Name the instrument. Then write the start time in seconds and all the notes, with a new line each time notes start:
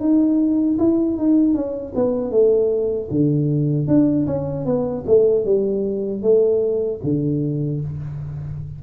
tuba
0.00 D#4
0.79 E4
1.18 D#4
1.54 C#4
1.95 B3
2.32 A3
3.11 D3
3.87 D4
4.27 C#4
4.66 B3
5.07 A3
5.45 G3
6.22 A3
7.03 D3